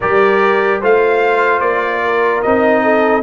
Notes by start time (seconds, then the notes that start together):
0.00 G3 G4 A#4 D5
0.80 A3 F4 C5 F5
1.60 A#3 D5
2.04 A#4
2.42 C4 D#4 D#5
2.82 A4